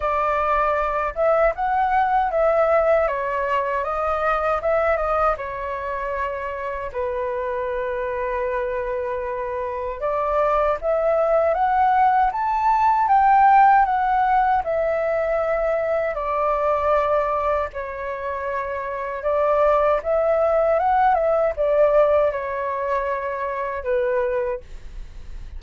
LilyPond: \new Staff \with { instrumentName = "flute" } { \time 4/4 \tempo 4 = 78 d''4. e''8 fis''4 e''4 | cis''4 dis''4 e''8 dis''8 cis''4~ | cis''4 b'2.~ | b'4 d''4 e''4 fis''4 |
a''4 g''4 fis''4 e''4~ | e''4 d''2 cis''4~ | cis''4 d''4 e''4 fis''8 e''8 | d''4 cis''2 b'4 | }